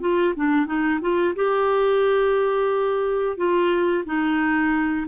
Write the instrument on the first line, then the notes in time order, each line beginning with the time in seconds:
clarinet
0.00 F4
0.35 D4
0.66 D#4
1.01 F4
1.35 G4
3.36 F4
4.05 D#4